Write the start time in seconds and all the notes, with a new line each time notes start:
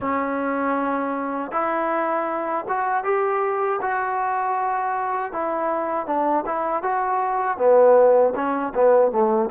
0.00 C#4
1.51 E4
2.68 F#4
3.04 G4
3.81 F#4
5.32 E4
6.06 D4
6.46 E4
6.83 F#4
7.57 B3
8.35 C#4
8.74 B3
9.11 A3